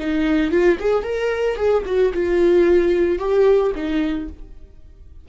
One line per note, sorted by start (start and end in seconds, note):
0.00 0.51 D#4
0.51 0.78 F4
0.80 1.04 G#4
1.04 1.57 A#4
1.57 1.84 G#4
1.86 2.13 F#4
2.14 3.19 F4
3.19 3.73 G4
3.75 4.29 D#4